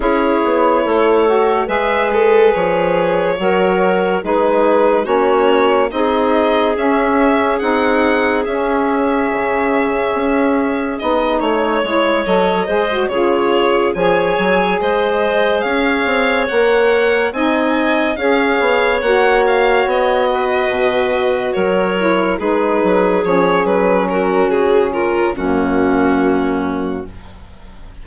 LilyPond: <<
  \new Staff \with { instrumentName = "violin" } { \time 4/4 \tempo 4 = 71 cis''2 e''8 a'8 cis''4~ | cis''4 b'4 cis''4 dis''4 | e''4 fis''4 e''2~ | e''4 dis''8 cis''4 dis''4 cis''8~ |
cis''8 gis''4 dis''4 f''4 fis''8~ | fis''8 gis''4 f''4 fis''8 f''8 dis''8~ | dis''4. cis''4 b'4 cis''8 | b'8 ais'8 gis'8 ais'8 fis'2 | }
  \new Staff \with { instrumentName = "clarinet" } { \time 4/4 gis'4 a'4 b'2 | ais'4 gis'4 fis'4 gis'4~ | gis'1~ | gis'4. cis''4. c''8 gis'8~ |
gis'8 cis''4 c''4 cis''4.~ | cis''8 dis''4 cis''2~ cis''8 | b'4. ais'4 gis'4.~ | gis'8 fis'4 f'8 cis'2 | }
  \new Staff \with { instrumentName = "saxophone" } { \time 4/4 e'4. fis'8 gis'2 | fis'4 dis'4 cis'4 dis'4 | cis'4 dis'4 cis'2~ | cis'4 dis'4 e'8 a'8 gis'16 fis'16 f'8~ |
f'8 gis'2. ais'8~ | ais'8 dis'4 gis'4 fis'4.~ | fis'2 e'8 dis'4 cis'8~ | cis'2 ais2 | }
  \new Staff \with { instrumentName = "bassoon" } { \time 4/4 cis'8 b8 a4 gis4 f4 | fis4 gis4 ais4 c'4 | cis'4 c'4 cis'4 cis4 | cis'4 b8 a8 gis8 fis8 gis8 cis8~ |
cis8 f8 fis8 gis4 cis'8 c'8 ais8~ | ais8 c'4 cis'8 b8 ais4 b8~ | b8 b,4 fis4 gis8 fis8 f8 | fis4 cis4 fis,2 | }
>>